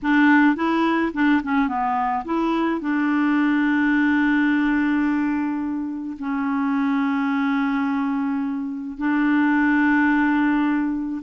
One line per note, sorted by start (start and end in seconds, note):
0.02 0.55 D4
0.55 1.11 E4
1.13 1.41 D4
1.43 1.68 C#4
1.68 2.24 B3
2.24 2.80 E4
2.80 6.17 D4
6.18 8.97 C#4
8.97 11.21 D4